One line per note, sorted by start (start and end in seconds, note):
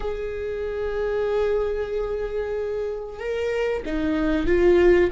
0.00 3.19 G#4
3.19 3.82 A#4
3.85 4.46 D#4
4.46 5.10 F4